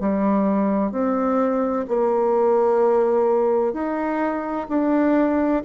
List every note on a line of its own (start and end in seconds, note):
0.00 0.92 G3
0.92 1.85 C4
1.88 3.73 A#3
3.73 4.67 D#4
4.69 5.62 D4